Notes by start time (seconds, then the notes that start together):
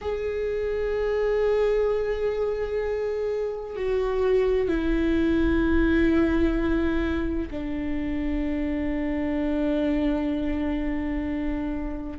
0.01 G#4
3.76 F#4
4.68 E4
7.50 D4